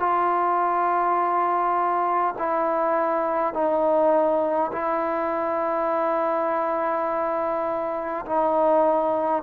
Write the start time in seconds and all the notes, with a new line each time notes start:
0.00 F4
2.39 E4
3.54 D#4
4.73 E4
8.26 D#4